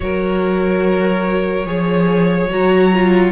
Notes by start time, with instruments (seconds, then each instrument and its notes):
0.00 cello F#3, viola F#4, violin A#4 C#5
1.65 cello F3, viola G#4, violin C#5
2.49 cello F#3, viola F#4, violin A#5
2.93 viola F4